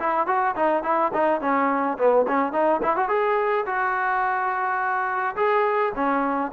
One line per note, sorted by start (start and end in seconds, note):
0.00 0.27 E4
0.27 0.55 F#4
0.56 0.84 D#4
0.84 1.12 E4
1.14 1.42 D#4
1.42 1.98 C#4
1.98 2.27 B3
2.28 2.53 C#4
2.53 2.81 D#4
2.83 2.97 E4
2.97 3.09 F#4
3.09 3.65 G#4
3.66 5.36 F#4
5.36 5.93 G#4
5.96 6.52 C#4